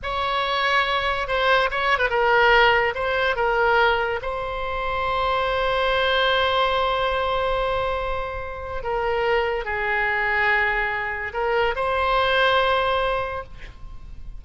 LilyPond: \new Staff \with { instrumentName = "oboe" } { \time 4/4 \tempo 4 = 143 cis''2. c''4 | cis''8. b'16 ais'2 c''4 | ais'2 c''2~ | c''1~ |
c''1~ | c''4 ais'2 gis'4~ | gis'2. ais'4 | c''1 | }